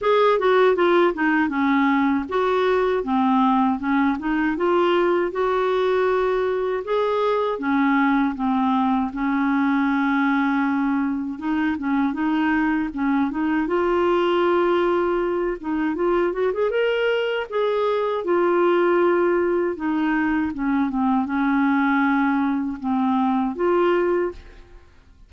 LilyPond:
\new Staff \with { instrumentName = "clarinet" } { \time 4/4 \tempo 4 = 79 gis'8 fis'8 f'8 dis'8 cis'4 fis'4 | c'4 cis'8 dis'8 f'4 fis'4~ | fis'4 gis'4 cis'4 c'4 | cis'2. dis'8 cis'8 |
dis'4 cis'8 dis'8 f'2~ | f'8 dis'8 f'8 fis'16 gis'16 ais'4 gis'4 | f'2 dis'4 cis'8 c'8 | cis'2 c'4 f'4 | }